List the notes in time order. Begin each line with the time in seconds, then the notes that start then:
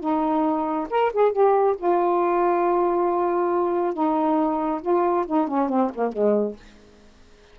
0.00 D#4
0.90 A#4
1.13 G#4
1.32 G4
1.78 F4
3.94 D#4
4.82 F4
5.27 D#4
5.48 C#4
5.69 C4
5.95 A#3
6.12 G#3